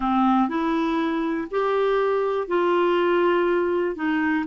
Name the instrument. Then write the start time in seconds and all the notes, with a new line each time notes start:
clarinet
0.00 C4
0.48 E4
1.50 G4
2.47 F4
3.95 D#4